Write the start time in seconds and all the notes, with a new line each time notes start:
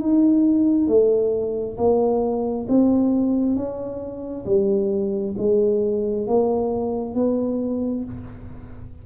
0.00 D#4
0.88 A3
1.77 A#3
2.69 C4
3.56 C#4
4.46 G3
5.38 G#3
6.27 A#3
7.15 B3